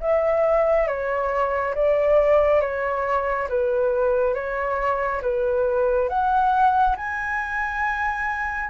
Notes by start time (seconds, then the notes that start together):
0.00 E5
0.87 C#5
1.75 D5
2.61 C#5
3.49 B4
4.34 C#5
5.22 B4
6.09 F#5
6.96 G#5